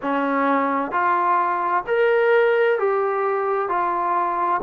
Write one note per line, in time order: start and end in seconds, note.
0.02 0.91 C#4
0.91 1.84 F4
1.87 2.79 A#4
2.79 3.68 G4
3.68 4.61 F4